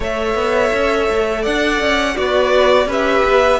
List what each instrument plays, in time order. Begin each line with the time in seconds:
0.00 cello A3, viola A4, violin C#5 E5
0.34 cello B3
0.73 cello C#4
1.10 cello A3
1.42 cello D4, violin D5 F#5
1.80 cello C#4
2.16 cello B3, violin F#4 D5, viola B4
2.85 cello C#4, viola G4, violin B4
2.92 violin E5
3.24 cello B3